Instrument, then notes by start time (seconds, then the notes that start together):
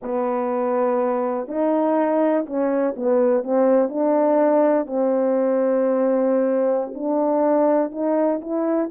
horn
0.02 B3
1.48 D#4
2.46 C#4
2.96 B3
3.43 C4
3.89 D4
4.86 C4
6.94 D4
7.91 D#4
8.41 E4